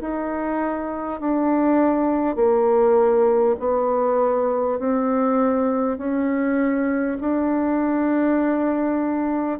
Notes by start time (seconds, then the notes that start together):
0.00 D#4
1.21 D4
2.36 A#3
3.59 B3
4.79 C4
5.98 C#4
7.21 D4